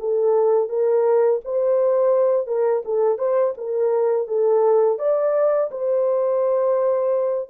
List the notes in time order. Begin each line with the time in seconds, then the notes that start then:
0.00 A4
0.69 A#4
1.45 C5
2.47 A#4
2.85 A4
3.19 C5
3.58 A#4
4.28 A4
4.99 D5
5.71 C5